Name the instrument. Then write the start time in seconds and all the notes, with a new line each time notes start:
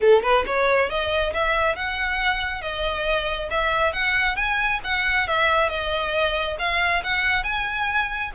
violin
0.00 A4
0.22 B4
0.46 C#5
0.89 D#5
1.33 E5
1.75 F#5
2.61 D#5
3.50 E5
3.92 F#5
4.36 G#5
4.84 F#5
5.27 E5
5.69 D#5
6.59 F5
7.03 F#5
7.43 G#5